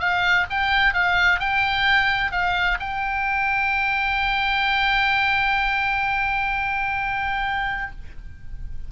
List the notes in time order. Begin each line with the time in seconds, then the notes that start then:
0.00 F5
0.50 G5
0.94 F5
1.40 G5
2.32 F5
2.80 G5